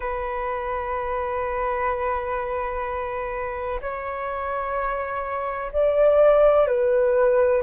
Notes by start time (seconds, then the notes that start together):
0.00 B4
3.81 C#5
5.72 D5
6.67 B4